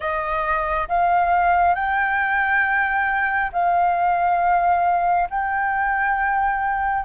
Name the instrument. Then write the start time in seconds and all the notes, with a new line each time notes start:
flute
0.00 D#5
0.88 F5
1.74 G5
3.52 F5
5.29 G5